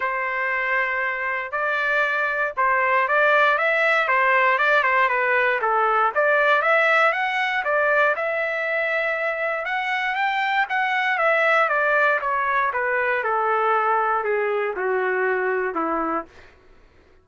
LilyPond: \new Staff \with { instrumentName = "trumpet" } { \time 4/4 \tempo 4 = 118 c''2. d''4~ | d''4 c''4 d''4 e''4 | c''4 d''8 c''8 b'4 a'4 | d''4 e''4 fis''4 d''4 |
e''2. fis''4 | g''4 fis''4 e''4 d''4 | cis''4 b'4 a'2 | gis'4 fis'2 e'4 | }